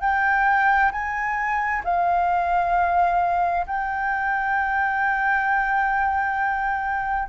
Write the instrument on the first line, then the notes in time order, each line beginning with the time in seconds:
flute
0.00 G5
0.91 G#5
1.84 F5
3.66 G5